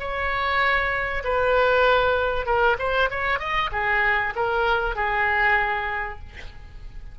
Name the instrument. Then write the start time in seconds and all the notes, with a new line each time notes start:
oboe
0.00 C#5
1.25 B4
2.47 A#4
2.79 C5
3.11 C#5
3.40 D#5
3.73 G#4
4.36 A#4
4.96 G#4